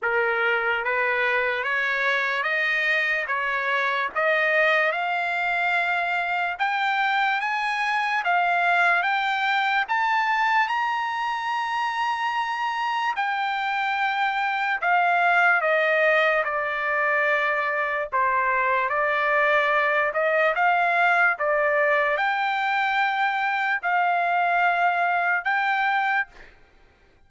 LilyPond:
\new Staff \with { instrumentName = "trumpet" } { \time 4/4 \tempo 4 = 73 ais'4 b'4 cis''4 dis''4 | cis''4 dis''4 f''2 | g''4 gis''4 f''4 g''4 | a''4 ais''2. |
g''2 f''4 dis''4 | d''2 c''4 d''4~ | d''8 dis''8 f''4 d''4 g''4~ | g''4 f''2 g''4 | }